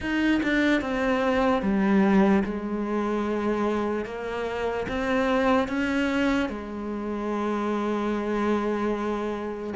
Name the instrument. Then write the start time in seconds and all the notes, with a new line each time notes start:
cello
0.00 D#4
0.42 D4
0.81 C4
1.62 G3
2.44 G#3
4.05 A#3
4.88 C4
5.68 C#4
6.49 G#3